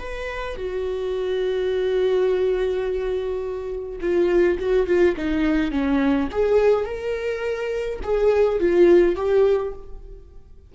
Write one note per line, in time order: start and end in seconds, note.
0.00 0.57 B4
0.57 4.00 F#4
4.01 4.58 F4
4.59 4.87 F#4
4.87 5.16 F4
5.17 5.72 D#4
5.72 6.29 C#4
6.32 6.86 G#4
6.86 8.00 A#4
8.04 8.60 G#4
8.60 9.16 F4
9.16 9.73 G4